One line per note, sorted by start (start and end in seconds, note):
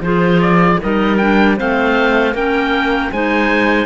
0.00 0.77 F3
0.00 0.81 F4
0.00 0.80 G#4
0.00 0.41 C5
0.41 0.80 D5
0.81 1.60 G3
0.81 1.20 D#4
0.81 1.57 A#4
0.81 1.17 D#5
1.17 1.57 D4
1.17 1.55 G5
1.57 2.34 A3
1.57 2.34 C4
1.57 2.34 C5
1.57 2.36 F5
2.34 3.11 A#3
2.34 3.12 C#4
2.34 3.11 A#4
2.34 3.12 G5
3.12 3.86 G#3
3.12 3.86 D#4
3.12 3.86 C5
3.12 3.86 G#5